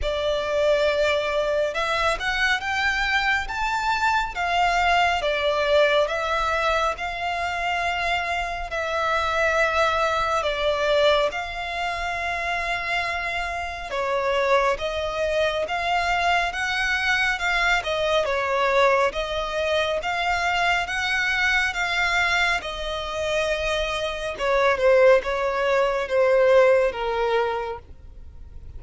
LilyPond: \new Staff \with { instrumentName = "violin" } { \time 4/4 \tempo 4 = 69 d''2 e''8 fis''8 g''4 | a''4 f''4 d''4 e''4 | f''2 e''2 | d''4 f''2. |
cis''4 dis''4 f''4 fis''4 | f''8 dis''8 cis''4 dis''4 f''4 | fis''4 f''4 dis''2 | cis''8 c''8 cis''4 c''4 ais'4 | }